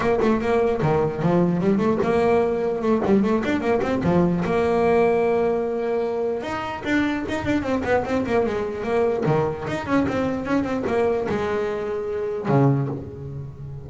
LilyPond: \new Staff \with { instrumentName = "double bass" } { \time 4/4 \tempo 4 = 149 ais8 a8 ais4 dis4 f4 | g8 a8 ais2 a8 g8 | a8 d'8 ais8 c'8 f4 ais4~ | ais1 |
dis'4 d'4 dis'8 d'8 c'8 b8 | c'8 ais8 gis4 ais4 dis4 | dis'8 cis'8 c'4 cis'8 c'8 ais4 | gis2. cis4 | }